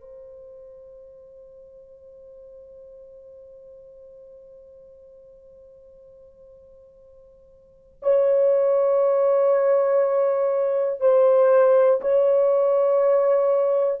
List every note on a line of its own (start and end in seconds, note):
0.00 8.00 C5
8.02 11.00 C#5
11.00 12.00 C5
12.00 14.00 C#5